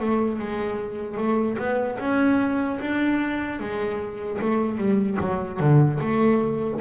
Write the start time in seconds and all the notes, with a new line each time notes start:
0.00 A3
0.39 G#3
1.17 A3
1.58 B3
1.99 C#4
2.80 D4
3.60 G#3
4.41 A3
4.77 G3
5.20 F#3
5.59 D3
6.00 A3